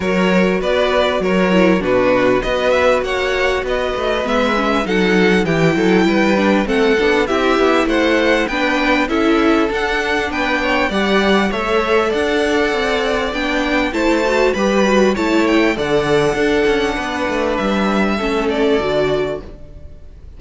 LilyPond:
<<
  \new Staff \with { instrumentName = "violin" } { \time 4/4 \tempo 4 = 99 cis''4 d''4 cis''4 b'4 | dis''8 e''8 fis''4 dis''4 e''4 | fis''4 g''2 fis''4 | e''4 fis''4 g''4 e''4 |
fis''4 g''4 fis''4 e''4 | fis''2 g''4 a''4 | b''4 a''8 g''8 fis''2~ | fis''4 e''4. d''4. | }
  \new Staff \with { instrumentName = "violin" } { \time 4/4 ais'4 b'4 ais'4 fis'4 | b'4 cis''4 b'2 | a'4 g'8 a'8 b'4 a'4 | g'4 c''4 b'4 a'4~ |
a'4 b'8 cis''8 d''4 cis''4 | d''2. c''4 | b'4 cis''4 d''4 a'4 | b'2 a'2 | }
  \new Staff \with { instrumentName = "viola" } { \time 4/4 fis'2~ fis'8 e'8 d'4 | fis'2. b8 cis'8 | dis'4 e'4. d'8 c'8 d'8 | e'2 d'4 e'4 |
d'2 g'4 a'4~ | a'2 d'4 e'8 fis'8 | g'8 fis'8 e'4 a'4 d'4~ | d'2 cis'4 fis'4 | }
  \new Staff \with { instrumentName = "cello" } { \time 4/4 fis4 b4 fis4 b,4 | b4 ais4 b8 a8 gis4 | fis4 e8 fis8 g4 a8 b8 | c'8 b8 a4 b4 cis'4 |
d'4 b4 g4 a4 | d'4 c'4 b4 a4 | g4 a4 d4 d'8 cis'8 | b8 a8 g4 a4 d4 | }
>>